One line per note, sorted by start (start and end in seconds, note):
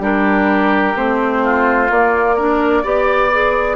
0.00 0.94 G3
0.00 0.95 D4
0.00 1.43 G4
0.00 0.97 A#4
0.95 1.90 A3
0.95 1.89 C4
0.95 1.91 C5
1.44 2.36 F4
1.90 2.84 A#3
1.90 2.38 A#3
1.90 3.77 D5
2.36 2.84 D4
2.36 2.83 A#4
2.83 3.77 B3
2.83 3.31 G4
2.83 3.77 D5
3.32 3.77 G#4